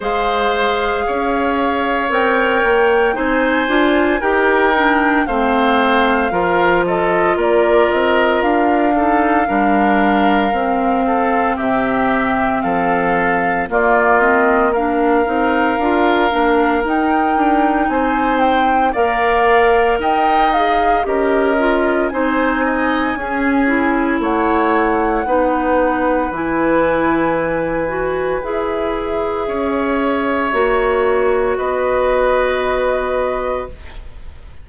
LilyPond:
<<
  \new Staff \with { instrumentName = "flute" } { \time 4/4 \tempo 4 = 57 f''2 g''4 gis''4 | g''4 f''4. dis''8 d''8 dis''8 | f''2. e''4 | f''4 d''8 dis''8 f''2 |
g''4 gis''8 g''8 f''4 g''8 f''8 | dis''4 gis''2 fis''4~ | fis''4 gis''2 e''4~ | e''2 dis''2 | }
  \new Staff \with { instrumentName = "oboe" } { \time 4/4 c''4 cis''2 c''4 | ais'4 c''4 ais'8 a'8 ais'4~ | ais'8 a'8 ais'4. a'8 g'4 | a'4 f'4 ais'2~ |
ais'4 c''4 d''4 dis''4 | ais'4 c''8 dis''8 gis'4 cis''4 | b'1 | cis''2 b'2 | }
  \new Staff \with { instrumentName = "clarinet" } { \time 4/4 gis'2 ais'4 dis'8 f'8 | g'8 d'8 c'4 f'2~ | f'8 dis'8 d'4 c'2~ | c'4 ais8 c'8 d'8 dis'8 f'8 d'8 |
dis'2 ais'4. gis'8 | g'8 f'8 dis'4 cis'8 e'4. | dis'4 e'4. fis'8 gis'4~ | gis'4 fis'2. | }
  \new Staff \with { instrumentName = "bassoon" } { \time 4/4 gis4 cis'4 c'8 ais8 c'8 d'8 | dis'4 a4 f4 ais8 c'8 | d'4 g4 c'4 c4 | f4 ais4. c'8 d'8 ais8 |
dis'8 d'8 c'4 ais4 dis'4 | cis'4 c'4 cis'4 a4 | b4 e2 e'4 | cis'4 ais4 b2 | }
>>